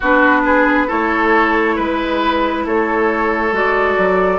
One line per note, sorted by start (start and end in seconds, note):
0.00 0.89 B3
0.00 0.87 D4
0.00 0.41 F#4
0.00 0.90 B4
0.45 0.87 G#4
0.87 1.78 A3
0.87 3.52 E4
0.87 1.75 A4
0.87 1.77 C#5
1.75 2.65 G#3
1.75 2.64 B4
1.75 2.65 B4
2.65 3.52 A3
2.65 4.39 A4
2.65 3.55 C#5
3.52 3.96 G#3
3.52 4.39 F#4
3.52 4.39 D5
3.98 4.39 F#3